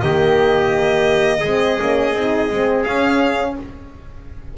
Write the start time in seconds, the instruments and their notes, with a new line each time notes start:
0.00 double bass D#3, horn A#3, trumpet G4, violin D#5
1.40 double bass G#3, trumpet G#4
1.46 horn C4
1.80 double bass A#3, horn C#4
2.14 double bass C4, horn D#4
2.50 double bass G#3, horn C4
2.84 double bass C#4, horn C#4, violin F5